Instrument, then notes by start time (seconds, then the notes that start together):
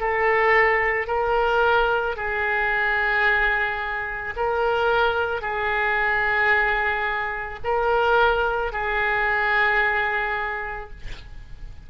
oboe
0.00 A4
1.07 A#4
2.16 G#4
4.36 A#4
5.41 G#4
7.64 A#4
8.72 G#4